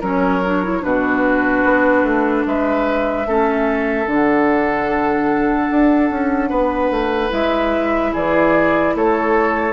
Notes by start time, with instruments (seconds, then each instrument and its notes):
0.00 bassoon F#3, clarinet C#4, oboe A#4, flute C#5
0.46 clarinet D4
0.63 clarinet E4
0.81 bassoon B2, clarinet D4, oboe F#4, flute B4
1.64 bassoon B3
2.03 bassoon A3
2.46 bassoon G#3, oboe B4, flute E5
3.26 bassoon A3, clarinet C#4, oboe A4
4.06 bassoon D3, clarinet D4, flute F#5
5.71 bassoon D4
6.10 bassoon C#4
6.49 bassoon B3, oboe B4
6.90 bassoon A3
7.30 bassoon G#3, clarinet E4, flute E5
8.13 bassoon E3, oboe G#4, flute D5
8.95 bassoon A3, oboe A4, flute C#5